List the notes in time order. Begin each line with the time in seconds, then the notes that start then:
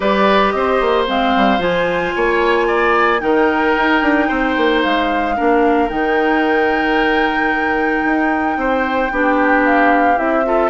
0.00 G3 G4 B4 D5
0.50 C4 C5 D#5
0.80 A#3
1.07 G#3 C4 F5
1.36 G3
1.58 F3 F4 G#5
2.15 A#3 C#5
2.67 D5
3.20 D#3 D#4 A#4 G5
3.77 D#4
4.01 D4
4.28 C4 C5
4.56 A#3
4.82 G#3 F5
5.35 A#3 D4 A#4
5.89 D#3 D#4 G5
8.04 D#4
8.56 C4 C5
9.11 B3 D4 G4
9.64 F5
10.16 C4 E4 E5
10.44 F4 A4